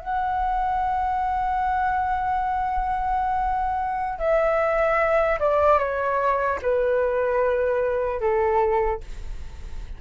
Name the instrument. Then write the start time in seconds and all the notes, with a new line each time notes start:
flute
0.00 F#5
4.19 E5
5.40 D5
5.79 C#5
6.62 B4
8.20 A4